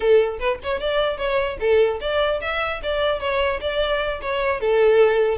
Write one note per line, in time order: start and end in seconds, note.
0.00 0.38 A4
0.39 0.59 B4
0.63 0.80 C#5
0.80 1.17 D5
1.17 1.57 C#5
1.60 2.00 A4
2.00 2.40 D5
2.41 2.81 E5
2.82 3.20 D5
3.20 3.60 C#5
3.61 4.21 D5
4.21 4.60 C#5
4.60 5.37 A4